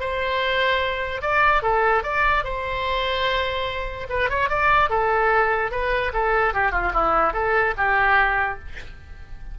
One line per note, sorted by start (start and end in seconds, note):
0.00 1.21 C5
1.21 1.62 D5
1.62 2.03 A4
2.03 2.44 D5
2.44 4.07 C5
4.09 4.29 B4
4.30 4.49 C#5
4.49 4.89 D5
4.89 5.71 A4
5.71 6.12 B4
6.13 6.53 A4
6.53 6.72 G4
6.72 6.92 F4
6.94 7.33 E4
7.33 7.74 A4
7.77 8.59 G4